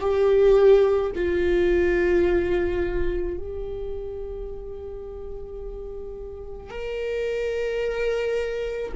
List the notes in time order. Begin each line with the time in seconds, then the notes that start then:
0.00 G4
1.15 F4
3.37 G4
6.70 A#4